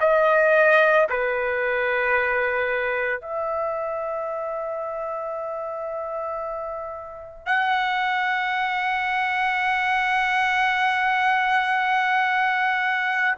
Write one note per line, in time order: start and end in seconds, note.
0.00 1.07 D#5
1.10 3.21 B4
3.21 7.46 E5
7.46 13.35 F#5